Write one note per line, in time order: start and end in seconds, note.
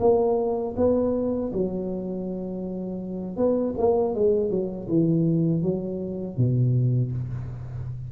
0.00 0.75 A#3
0.77 1.52 B3
1.53 3.37 F#3
3.37 3.74 B3
3.78 4.15 A#3
4.15 4.50 G#3
4.50 4.88 F#3
4.89 5.62 E3
5.62 6.37 F#3
6.37 7.12 B2